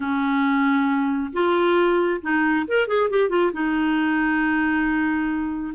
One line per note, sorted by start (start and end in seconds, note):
0.00 1.32 C#4
1.32 2.21 F4
2.21 2.65 D#4
2.67 2.87 A#4
2.87 3.09 G#4
3.10 3.29 G4
3.29 3.51 F4
3.53 5.73 D#4